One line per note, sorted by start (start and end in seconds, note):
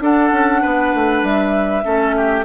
0.00 0.31 D4
0.00 1.83 D4
0.00 0.62 A4
0.00 1.24 F#5
0.32 0.62 C#4
0.62 0.94 B3
0.62 1.84 B4
0.94 1.23 A3
1.23 1.84 G3
1.23 2.44 E5
1.83 2.44 A3
1.83 2.44 C#4
1.83 2.15 A4
2.17 2.44 G4